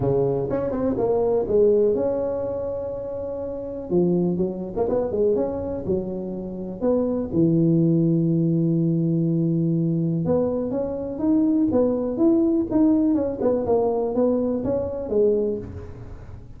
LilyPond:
\new Staff \with { instrumentName = "tuba" } { \time 4/4 \tempo 4 = 123 cis4 cis'8 c'8 ais4 gis4 | cis'1 | f4 fis8. ais16 b8 gis8 cis'4 | fis2 b4 e4~ |
e1~ | e4 b4 cis'4 dis'4 | b4 e'4 dis'4 cis'8 b8 | ais4 b4 cis'4 gis4 | }